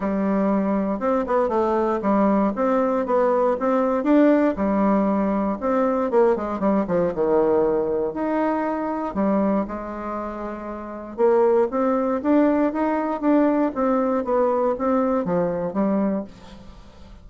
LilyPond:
\new Staff \with { instrumentName = "bassoon" } { \time 4/4 \tempo 4 = 118 g2 c'8 b8 a4 | g4 c'4 b4 c'4 | d'4 g2 c'4 | ais8 gis8 g8 f8 dis2 |
dis'2 g4 gis4~ | gis2 ais4 c'4 | d'4 dis'4 d'4 c'4 | b4 c'4 f4 g4 | }